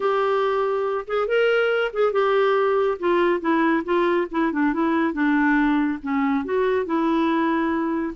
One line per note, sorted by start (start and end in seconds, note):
0.00 1.05 G4
1.07 1.27 G#4
1.27 1.91 A#4
1.93 2.12 G#4
2.12 2.98 G4
2.99 3.40 F4
3.40 3.83 E4
3.84 4.27 F4
4.31 4.52 E4
4.52 4.73 D4
4.73 5.13 E4
5.13 5.98 D4
6.02 6.44 C#4
6.44 6.85 F#4
6.85 8.14 E4